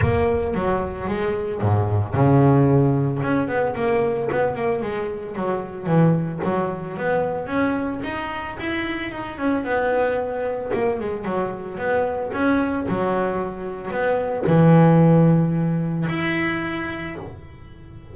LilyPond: \new Staff \with { instrumentName = "double bass" } { \time 4/4 \tempo 4 = 112 ais4 fis4 gis4 gis,4 | cis2 cis'8 b8 ais4 | b8 ais8 gis4 fis4 e4 | fis4 b4 cis'4 dis'4 |
e'4 dis'8 cis'8 b2 | ais8 gis8 fis4 b4 cis'4 | fis2 b4 e4~ | e2 e'2 | }